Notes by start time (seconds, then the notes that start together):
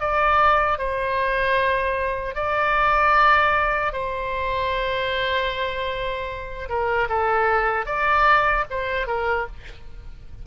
0.00 D5
0.78 C5
2.35 D5
3.92 C5
6.69 A#4
7.09 A4
7.86 D5
8.70 C5
9.07 A#4